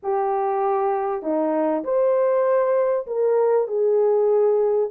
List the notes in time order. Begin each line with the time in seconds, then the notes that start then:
0.02 G4
1.22 D#4
1.84 C5
3.06 A#4
3.67 G#4